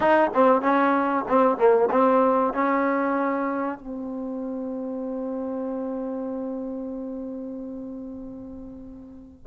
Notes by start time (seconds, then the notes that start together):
0.00 D#4
0.34 C4
0.61 C#4
1.28 C4
1.57 A#3
1.90 C4
2.53 C#4
3.78 C4